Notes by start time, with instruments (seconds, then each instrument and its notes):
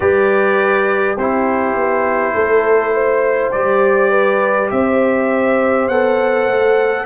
0.00 tuba G3, trombone G4, horn B4, trumpet D5
1.15 tuba C4, trombone E4, horn G4, trumpet C5
1.75 tuba B3
2.34 tuba A3, horn A4
2.93 horn C5
3.51 tuba G3, trombone G4, trumpet D5
4.10 horn B4
4.70 tuba C4, horn C5, trumpet E5
5.88 tuba B3, trombone A4, trumpet F#5
6.47 tuba A3